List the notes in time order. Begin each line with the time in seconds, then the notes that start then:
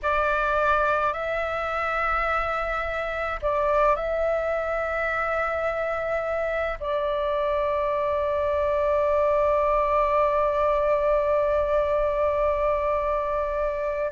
0.02 D5
1.13 E5
3.42 D5
3.95 E5
6.79 D5